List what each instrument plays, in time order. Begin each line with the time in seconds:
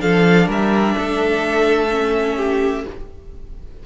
0.00 cello F3, viola D4, violin A4 F5
0.48 cello G3, violin A#4 E5
0.98 cello A3, violin A4
1.91 viola C#4
2.36 violin G4